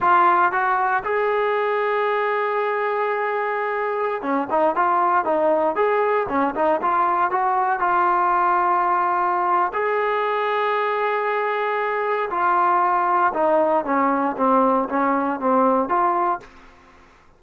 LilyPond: \new Staff \with { instrumentName = "trombone" } { \time 4/4 \tempo 4 = 117 f'4 fis'4 gis'2~ | gis'1~ | gis'16 cis'8 dis'8 f'4 dis'4 gis'8.~ | gis'16 cis'8 dis'8 f'4 fis'4 f'8.~ |
f'2. gis'4~ | gis'1 | f'2 dis'4 cis'4 | c'4 cis'4 c'4 f'4 | }